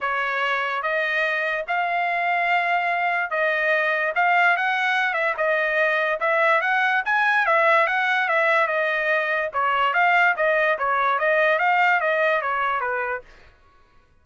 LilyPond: \new Staff \with { instrumentName = "trumpet" } { \time 4/4 \tempo 4 = 145 cis''2 dis''2 | f''1 | dis''2 f''4 fis''4~ | fis''8 e''8 dis''2 e''4 |
fis''4 gis''4 e''4 fis''4 | e''4 dis''2 cis''4 | f''4 dis''4 cis''4 dis''4 | f''4 dis''4 cis''4 b'4 | }